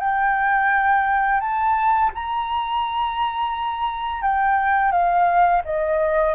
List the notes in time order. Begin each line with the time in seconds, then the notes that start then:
0.00 G5
1.40 A5
2.14 A#5
4.22 G5
4.92 F5
5.65 D#5